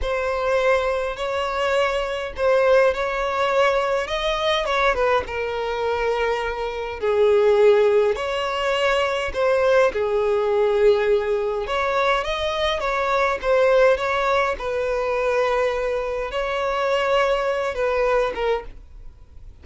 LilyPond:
\new Staff \with { instrumentName = "violin" } { \time 4/4 \tempo 4 = 103 c''2 cis''2 | c''4 cis''2 dis''4 | cis''8 b'8 ais'2. | gis'2 cis''2 |
c''4 gis'2. | cis''4 dis''4 cis''4 c''4 | cis''4 b'2. | cis''2~ cis''8 b'4 ais'8 | }